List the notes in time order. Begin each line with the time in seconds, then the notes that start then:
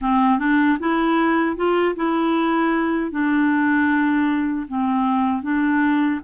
0.01 C4
0.39 D4
0.79 E4
1.56 F4
1.95 E4
3.11 D4
4.68 C4
5.42 D4